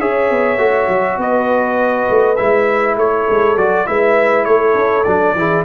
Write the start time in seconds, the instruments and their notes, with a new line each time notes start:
0.00 tuba C#4, trombone G#4, horn C#5, trumpet E5
0.31 tuba B3
0.58 tuba A3, trombone F#4
0.89 tuba F#3
1.18 tuba B3, horn B4, trumpet D#5
2.10 tuba A3
2.37 tuba G#3, trombone E4, trumpet E5
2.97 tuba A3, horn A4, trumpet C#5
3.30 tuba G#3
3.57 tuba F#3, trombone F#4, trumpet D5
3.87 tuba G#3, trombone E4, horn B4, trumpet E5
4.46 tuba A3, horn A4, trumpet C#5
4.75 tuba C#4
5.04 tuba F#3, trombone D4, trumpet D5
5.35 tuba E3, trombone E4, horn G#4